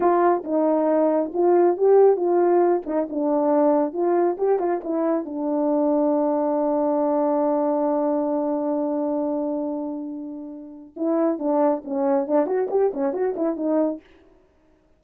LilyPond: \new Staff \with { instrumentName = "horn" } { \time 4/4 \tempo 4 = 137 f'4 dis'2 f'4 | g'4 f'4. dis'8 d'4~ | d'4 f'4 g'8 f'8 e'4 | d'1~ |
d'1~ | d'1~ | d'4 e'4 d'4 cis'4 | d'8 fis'8 g'8 cis'8 fis'8 e'8 dis'4 | }